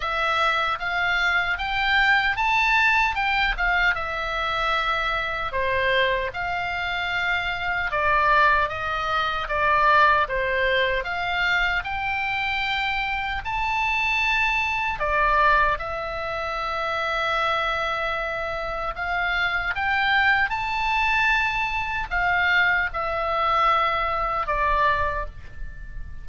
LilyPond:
\new Staff \with { instrumentName = "oboe" } { \time 4/4 \tempo 4 = 76 e''4 f''4 g''4 a''4 | g''8 f''8 e''2 c''4 | f''2 d''4 dis''4 | d''4 c''4 f''4 g''4~ |
g''4 a''2 d''4 | e''1 | f''4 g''4 a''2 | f''4 e''2 d''4 | }